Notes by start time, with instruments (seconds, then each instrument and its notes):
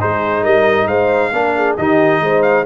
0.00 tuba G#3, trombone D#4, horn G#4, trumpet C5
0.42 tuba G3, horn A#4, trumpet D#5
0.86 tuba G#3, horn C5, trumpet F5
1.32 tuba A#3, trombone D4, horn A#4
1.56 horn G#4
1.77 tuba D#3, trombone D#4, horn G4, trumpet D#5
2.20 tuba G#3, horn C5
2.42 trumpet F5